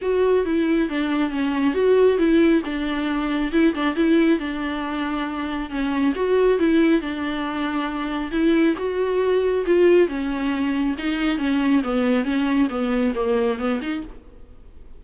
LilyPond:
\new Staff \with { instrumentName = "viola" } { \time 4/4 \tempo 4 = 137 fis'4 e'4 d'4 cis'4 | fis'4 e'4 d'2 | e'8 d'8 e'4 d'2~ | d'4 cis'4 fis'4 e'4 |
d'2. e'4 | fis'2 f'4 cis'4~ | cis'4 dis'4 cis'4 b4 | cis'4 b4 ais4 b8 dis'8 | }